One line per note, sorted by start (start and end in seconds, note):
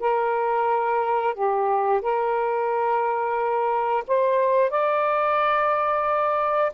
0.00 1.34 A#4
1.34 2.01 G4
2.01 4.04 A#4
4.07 4.70 C5
4.70 6.72 D5